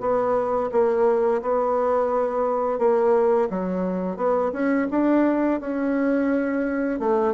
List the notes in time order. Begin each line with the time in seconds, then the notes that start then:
0.00 B3
0.71 A#3
1.42 B3
2.78 A#3
3.49 F#3
4.16 B3
4.52 C#4
4.90 D4
5.60 C#4
6.99 A3